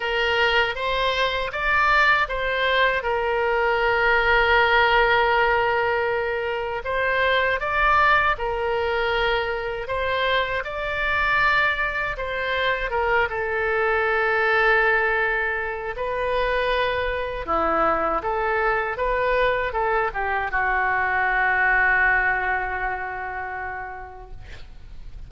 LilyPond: \new Staff \with { instrumentName = "oboe" } { \time 4/4 \tempo 4 = 79 ais'4 c''4 d''4 c''4 | ais'1~ | ais'4 c''4 d''4 ais'4~ | ais'4 c''4 d''2 |
c''4 ais'8 a'2~ a'8~ | a'4 b'2 e'4 | a'4 b'4 a'8 g'8 fis'4~ | fis'1 | }